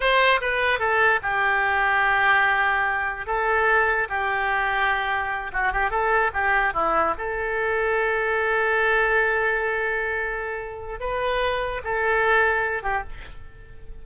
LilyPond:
\new Staff \with { instrumentName = "oboe" } { \time 4/4 \tempo 4 = 147 c''4 b'4 a'4 g'4~ | g'1 | a'2 g'2~ | g'4. fis'8 g'8 a'4 g'8~ |
g'8 e'4 a'2~ a'8~ | a'1~ | a'2. b'4~ | b'4 a'2~ a'8 g'8 | }